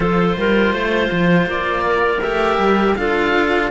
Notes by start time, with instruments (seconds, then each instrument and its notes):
0.00 cello F3 F4, clarinet A4, oboe C5
0.37 cello G3, clarinet A#4
0.72 cello A3, clarinet C5
1.11 cello F3
1.46 cello A#3, oboe D5
1.85 clarinet A#4
2.22 cello A3 G4, oboe E5
2.57 cello G3
2.95 cello D4 F4, clarinet A4, oboe F5